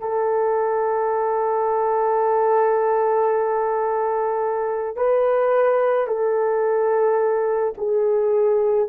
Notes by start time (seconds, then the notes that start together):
0.00 A4
4.96 B4
6.08 A4
7.77 G#4